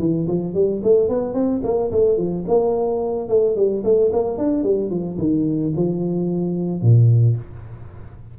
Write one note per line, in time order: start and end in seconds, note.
0.00 0.27 E3
0.28 0.55 F3
0.55 0.82 G3
0.84 1.09 A3
1.09 1.34 B3
1.34 1.62 C4
1.64 1.91 A#3
1.92 2.18 A3
2.18 2.45 F3
2.48 3.29 A#3
3.29 3.56 A3
3.56 3.83 G3
3.85 4.12 A3
4.13 4.38 A#3
4.38 4.64 D4
4.64 4.91 G3
4.91 5.18 F3
5.19 5.73 D#3
5.76 6.82 F3
6.82 7.37 A#2